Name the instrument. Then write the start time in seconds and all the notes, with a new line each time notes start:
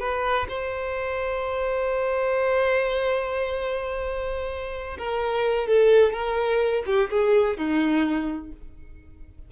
violin
0.00 B4
0.49 C5
4.98 A#4
5.68 A4
6.13 A#4
6.86 G4
7.10 G#4
7.57 D#4